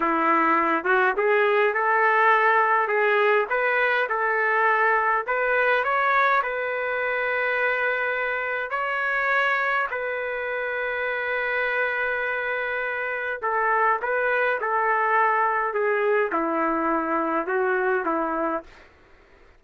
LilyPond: \new Staff \with { instrumentName = "trumpet" } { \time 4/4 \tempo 4 = 103 e'4. fis'8 gis'4 a'4~ | a'4 gis'4 b'4 a'4~ | a'4 b'4 cis''4 b'4~ | b'2. cis''4~ |
cis''4 b'2.~ | b'2. a'4 | b'4 a'2 gis'4 | e'2 fis'4 e'4 | }